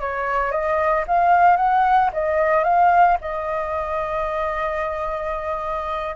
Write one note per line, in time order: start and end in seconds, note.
0.00 0.51 C#5
0.51 1.04 D#5
1.07 1.56 F5
1.56 2.10 F#5
2.13 2.63 D#5
2.63 3.17 F5
3.21 6.15 D#5